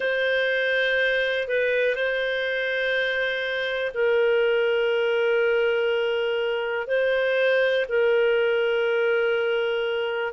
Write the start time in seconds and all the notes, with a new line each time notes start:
0.00 C5
1.48 B4
1.95 C5
3.93 A#4
6.87 C5
7.88 A#4